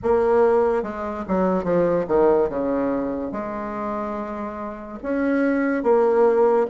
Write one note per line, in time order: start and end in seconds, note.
0.02 0.82 A#3
0.82 1.24 G#3
1.28 1.64 F#3
1.64 2.05 F3
2.07 2.49 D#3
2.49 3.32 C#3
3.32 4.98 G#3
5.02 5.83 C#4
5.83 6.66 A#3